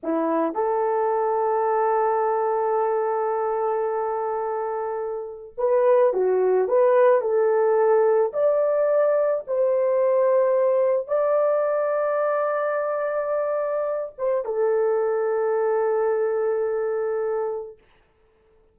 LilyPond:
\new Staff \with { instrumentName = "horn" } { \time 4/4 \tempo 4 = 108 e'4 a'2.~ | a'1~ | a'2 b'4 fis'4 | b'4 a'2 d''4~ |
d''4 c''2. | d''1~ | d''4. c''8 a'2~ | a'1 | }